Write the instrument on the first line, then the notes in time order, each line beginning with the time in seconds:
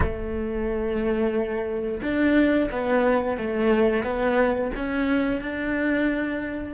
cello
0.00 A3
2.02 D4
2.71 B3
3.37 A3
4.04 B3
4.76 C#4
5.41 D4